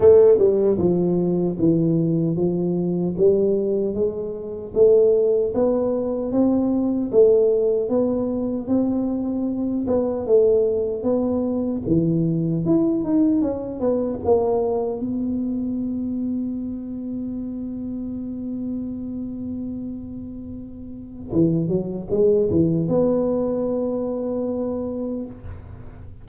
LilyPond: \new Staff \with { instrumentName = "tuba" } { \time 4/4 \tempo 4 = 76 a8 g8 f4 e4 f4 | g4 gis4 a4 b4 | c'4 a4 b4 c'4~ | c'8 b8 a4 b4 e4 |
e'8 dis'8 cis'8 b8 ais4 b4~ | b1~ | b2. e8 fis8 | gis8 e8 b2. | }